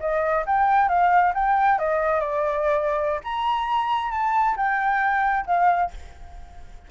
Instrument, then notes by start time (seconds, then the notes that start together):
flute
0.00 D#5
0.46 G5
0.88 F5
1.34 G5
1.79 D#5
2.20 D5
3.24 A#5
4.11 A5
4.56 G5
5.46 F5